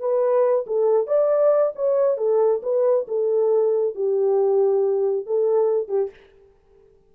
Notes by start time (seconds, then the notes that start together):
0.00 B4
0.67 A4
1.07 D5
1.76 C#5
2.18 A4
2.63 B4
3.08 A4
3.95 G4
5.27 A4
5.88 G4